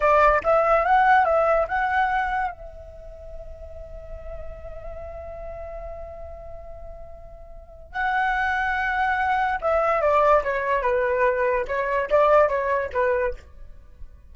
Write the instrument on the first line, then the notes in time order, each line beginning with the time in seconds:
flute
0.00 D5
0.43 E5
0.85 F#5
1.25 E5
1.68 F#5
2.51 E5
7.92 F#5
9.61 E5
10.01 D5
10.43 C#5
10.82 B4
11.67 C#5
12.10 D5
12.48 C#5
12.92 B4